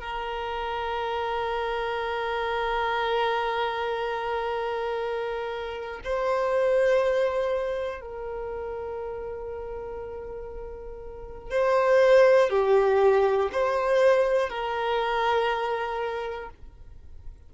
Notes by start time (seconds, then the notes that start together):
0.00 A#4
6.04 C5
8.01 A#4
11.51 C5
12.50 G4
13.52 C5
14.49 A#4